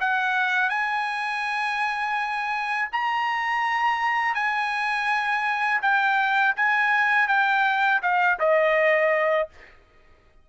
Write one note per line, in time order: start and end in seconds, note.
0.00 0.70 F#5
0.70 2.89 G#5
2.92 4.35 A#5
4.35 5.81 G#5
5.82 6.55 G5
6.56 7.28 G#5
7.28 8.01 G5
8.02 8.39 F5
8.39 9.49 D#5